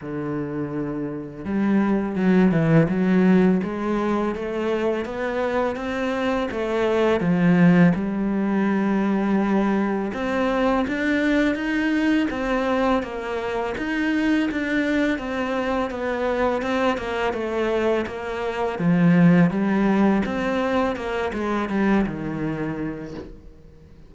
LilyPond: \new Staff \with { instrumentName = "cello" } { \time 4/4 \tempo 4 = 83 d2 g4 fis8 e8 | fis4 gis4 a4 b4 | c'4 a4 f4 g4~ | g2 c'4 d'4 |
dis'4 c'4 ais4 dis'4 | d'4 c'4 b4 c'8 ais8 | a4 ais4 f4 g4 | c'4 ais8 gis8 g8 dis4. | }